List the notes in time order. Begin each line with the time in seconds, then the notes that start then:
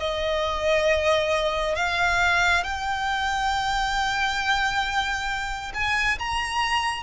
0.00 D#5
1.76 F5
2.64 G5
5.75 G#5
6.19 A#5